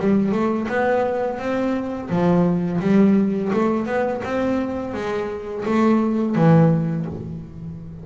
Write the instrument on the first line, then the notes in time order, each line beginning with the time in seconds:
double bass
0.00 G3
0.32 A3
0.69 B3
1.39 C4
2.10 F3
2.81 G3
3.53 A3
3.87 B3
4.24 C4
4.94 G#3
5.66 A3
6.36 E3